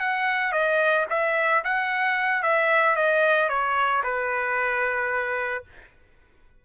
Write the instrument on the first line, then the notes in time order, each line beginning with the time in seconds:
trumpet
0.00 F#5
0.52 D#5
1.10 E5
1.64 F#5
2.43 E5
2.96 D#5
3.49 C#5
4.04 B4